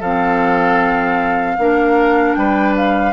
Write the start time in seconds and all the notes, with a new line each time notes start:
0.00 F3 C4 A4 F5
1.58 A#3 D4 A#4
2.35 G3 B4 G5
2.77 F5